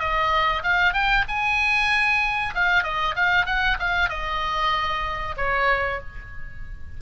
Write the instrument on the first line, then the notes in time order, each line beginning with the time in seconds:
oboe
0.00 D#5
0.63 F5
0.94 G5
1.29 G#5
2.55 F5
2.84 D#5
3.16 F5
3.46 F#5
3.80 F5
4.10 D#5
5.37 C#5